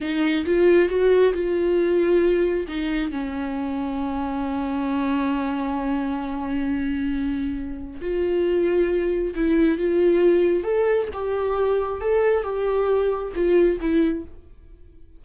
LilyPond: \new Staff \with { instrumentName = "viola" } { \time 4/4 \tempo 4 = 135 dis'4 f'4 fis'4 f'4~ | f'2 dis'4 cis'4~ | cis'1~ | cis'1~ |
cis'2 f'2~ | f'4 e'4 f'2 | a'4 g'2 a'4 | g'2 f'4 e'4 | }